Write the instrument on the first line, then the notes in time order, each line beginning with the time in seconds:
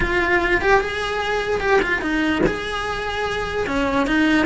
cello
0.00 F4
0.61 G4
0.80 G#4
1.60 G4
1.81 F4
2.01 D#4
2.46 G#4
3.66 C#4
4.07 D#4